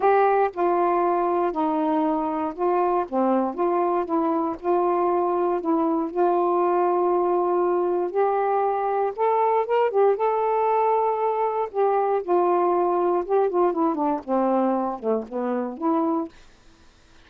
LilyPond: \new Staff \with { instrumentName = "saxophone" } { \time 4/4 \tempo 4 = 118 g'4 f'2 dis'4~ | dis'4 f'4 c'4 f'4 | e'4 f'2 e'4 | f'1 |
g'2 a'4 ais'8 g'8 | a'2. g'4 | f'2 g'8 f'8 e'8 d'8 | c'4. a8 b4 e'4 | }